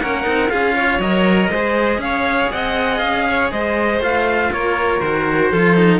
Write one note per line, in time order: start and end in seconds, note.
0.00 0.26 A#3
0.00 0.23 C#4
0.00 0.51 A#4
0.00 0.49 F#5
0.23 0.52 C4
0.23 0.48 D#4
0.49 0.99 C#4
0.49 1.00 F4
0.49 0.74 G#4
0.49 0.99 F5
0.74 1.49 C#5
0.99 1.49 F#3
0.99 1.52 A#4
0.99 2.00 D#5
1.49 1.98 G#3
1.49 4.01 G#4
1.49 2.00 C5
1.98 2.48 C#4
1.98 2.50 F5
2.04 2.52 C#5
2.51 3.01 C4
2.51 3.27 D#5
2.51 2.99 F#5
2.99 3.51 C#4
2.99 3.49 F5
3.29 3.52 C#5
3.51 4.00 G#3
3.51 4.52 C5
3.51 4.01 D#5
4.00 4.50 A3
4.00 5.01 F4
4.00 4.53 F5
4.52 5.00 A#3
4.52 5.50 A#4
4.52 5.01 C#5
5.00 5.50 D#3
5.00 5.53 F#4
5.00 6.00 C5
5.50 6.00 F3
5.50 5.76 F4
5.50 6.00 A4
5.76 6.00 D#4